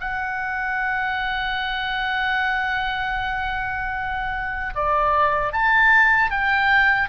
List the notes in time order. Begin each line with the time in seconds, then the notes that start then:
0.00 F#5
4.75 D5
5.52 A5
6.30 G5